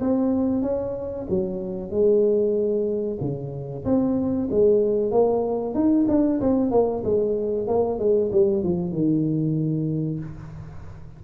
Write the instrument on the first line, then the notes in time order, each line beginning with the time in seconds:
tuba
0.00 C4
0.62 C#4
1.29 F#3
1.91 G#3
3.21 C#3
3.85 C4
4.50 G#3
5.11 A#3
5.74 D#4
6.08 D4
6.41 C4
6.71 A#3
7.04 G#3
7.67 A#3
7.99 G#3
8.32 G3
8.63 F3
8.92 D#3